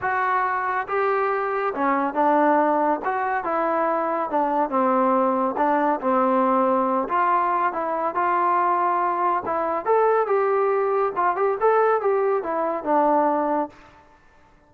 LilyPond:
\new Staff \with { instrumentName = "trombone" } { \time 4/4 \tempo 4 = 140 fis'2 g'2 | cis'4 d'2 fis'4 | e'2 d'4 c'4~ | c'4 d'4 c'2~ |
c'8 f'4. e'4 f'4~ | f'2 e'4 a'4 | g'2 f'8 g'8 a'4 | g'4 e'4 d'2 | }